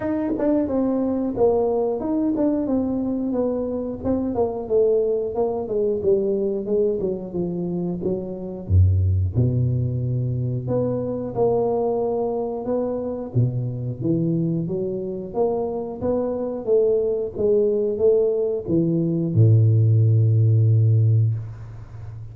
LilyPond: \new Staff \with { instrumentName = "tuba" } { \time 4/4 \tempo 4 = 90 dis'8 d'8 c'4 ais4 dis'8 d'8 | c'4 b4 c'8 ais8 a4 | ais8 gis8 g4 gis8 fis8 f4 | fis4 fis,4 b,2 |
b4 ais2 b4 | b,4 e4 fis4 ais4 | b4 a4 gis4 a4 | e4 a,2. | }